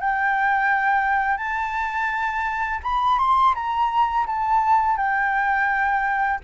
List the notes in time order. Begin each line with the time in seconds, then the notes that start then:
0.00 G5
1.37 A5
2.83 B5
3.19 C6
3.55 A#5
4.27 A5
4.97 G5